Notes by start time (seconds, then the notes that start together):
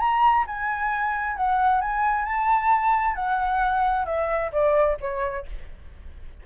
0.00 A#5
0.47 G#5
1.37 F#5
1.82 G#5
2.25 A5
3.15 F#5
4.06 E5
4.52 D5
5.01 C#5